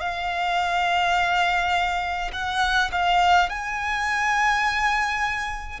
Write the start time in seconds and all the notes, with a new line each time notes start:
0.00 F5
2.32 F#5
2.91 F5
3.49 G#5